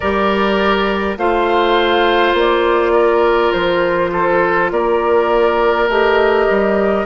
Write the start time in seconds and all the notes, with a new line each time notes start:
0.00 G3 G4 A#4 D5
1.17 A3 F4 C5 F5
2.33 A#3 D5
2.92 A#4
3.52 F3 C5
4.12 A4
4.71 A#3 A#4 D5
5.88 A3 G4 D#5
6.49 G3